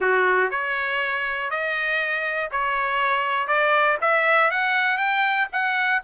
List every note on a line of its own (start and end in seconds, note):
0.00 0.50 F#4
0.50 1.50 C#5
1.50 2.50 D#5
2.51 3.47 C#5
3.47 3.97 D5
4.01 4.50 E5
4.50 4.97 F#5
4.97 5.47 G5
5.52 6.02 F#5